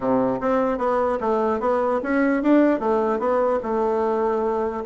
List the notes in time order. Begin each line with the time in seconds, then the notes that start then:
0.00 C3
0.40 C4
0.78 B3
1.20 A3
1.60 B3
2.02 C#4
2.43 D4
2.79 A3
3.19 B3
3.62 A3